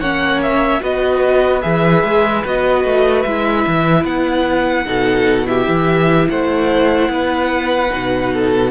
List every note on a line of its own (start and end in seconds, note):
0.00 0.81 A#3
0.00 0.80 C#4
0.00 0.81 C#5
0.00 0.41 F#5
0.42 0.83 E5
0.80 1.64 B3
0.80 1.61 F#4
0.80 4.86 B4
0.80 1.62 D#5
1.62 2.04 E3
1.62 2.43 G#4
1.62 2.43 E5
2.04 2.44 G#3
2.45 2.84 B3
2.45 3.27 F#4
2.45 3.22 D#5
2.84 3.25 A3
3.22 3.66 G#3
3.22 4.85 E4
3.22 4.03 E5
3.67 4.04 E3
4.04 4.85 B3
4.04 5.47 F#5
4.85 5.67 B2
4.85 5.44 D#4
4.85 5.47 A4
5.44 7.87 E4
5.44 6.29 G4
5.44 6.28 E5
5.67 6.28 E3
6.29 7.09 A3
6.29 7.11 C5
6.29 8.71 F#5
7.09 7.90 B3
7.09 8.33 B4
7.90 8.71 B2
7.90 8.71 D#4
8.33 8.71 A4